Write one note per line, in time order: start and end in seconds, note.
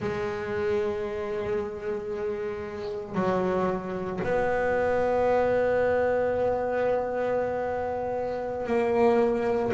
0.00 3.14 G#3
3.14 4.20 F#3
4.23 8.66 B3
8.66 9.71 A#3